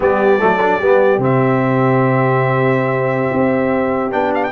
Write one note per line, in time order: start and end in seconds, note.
0.00 0.41 G3
0.00 0.39 B3
0.00 0.39 G4
0.00 1.23 D5
0.39 0.81 F#3
0.39 0.59 A3
0.39 0.78 A4
0.60 0.80 D4
0.78 1.18 G3
0.78 1.19 B3
0.78 4.51 G4
1.18 3.29 C3
1.18 4.11 C4
1.18 4.12 E5
3.32 4.11 C4
4.11 4.52 B3
4.11 4.51 D4
4.11 4.32 G5
4.34 4.43 F5
4.43 4.52 G5